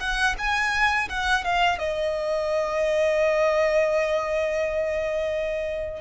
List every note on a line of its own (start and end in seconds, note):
0.00 0.35 F#5
0.38 1.08 G#5
1.09 1.44 F#5
1.44 1.78 F5
1.78 6.01 D#5